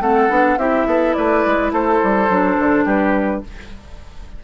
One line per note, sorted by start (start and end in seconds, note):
0.00 0.29 A3
0.00 0.29 C4
0.00 0.58 A4
0.00 0.57 F#5
0.29 0.57 B3
0.29 0.57 D4
0.57 0.85 C4
0.57 2.29 E4
0.57 0.87 G4
0.57 1.13 E5
0.86 1.14 B3
0.86 1.15 A4
1.13 1.45 A3
1.13 1.72 B4
1.13 1.71 D5
1.45 1.72 G#3
1.72 2.00 A3
1.72 2.84 A4
1.72 2.86 C5
2.03 2.29 G3
2.29 2.57 F#3
2.29 3.43 D4
2.59 2.85 D3
2.84 3.42 G3
2.84 3.41 G4
2.84 3.43 B4